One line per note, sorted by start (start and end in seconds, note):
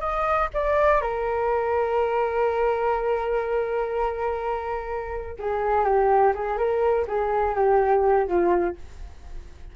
0.00 0.48 D#5
0.54 1.01 D5
1.01 5.37 A#4
5.39 5.84 G#4
5.84 6.33 G4
6.35 6.57 G#4
6.57 7.06 A#4
7.07 7.55 G#4
7.55 8.27 G4
8.27 8.76 F4